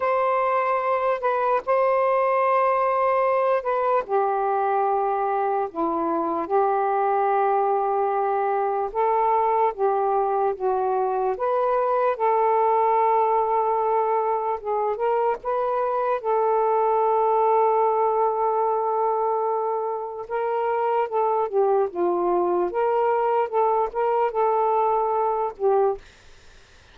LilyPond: \new Staff \with { instrumentName = "saxophone" } { \time 4/4 \tempo 4 = 74 c''4. b'8 c''2~ | c''8 b'8 g'2 e'4 | g'2. a'4 | g'4 fis'4 b'4 a'4~ |
a'2 gis'8 ais'8 b'4 | a'1~ | a'4 ais'4 a'8 g'8 f'4 | ais'4 a'8 ais'8 a'4. g'8 | }